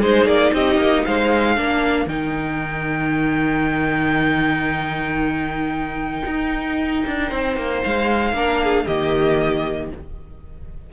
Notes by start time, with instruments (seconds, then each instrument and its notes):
0.00 cello G#3, viola D#4, violin G#4 C5
0.25 cello A#3, violin D5
0.53 cello C4, violin G4 D#5
0.77 cello A#3
1.05 cello G#3, violin C5 F5
1.56 cello A#3, viola D4, violin A#4
2.06 cello D#3, viola D#4, violin G5
6.26 cello D#4
7.07 cello D4
7.29 cello C4, violin C5
7.57 cello A#3
7.84 cello G#3, violin F5
8.33 cello A#3, viola D4, violin A#4
8.63 violin G#4
8.85 cello D#3, viola A#3, violin G4 D#5